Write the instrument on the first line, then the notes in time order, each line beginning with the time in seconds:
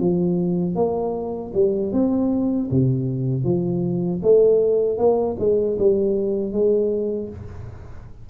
tuba
0.00 F3
0.76 A#3
1.54 G3
1.93 C4
2.71 C3
3.45 F3
4.23 A3
4.99 A#3
5.40 G#3
5.79 G3
6.53 G#3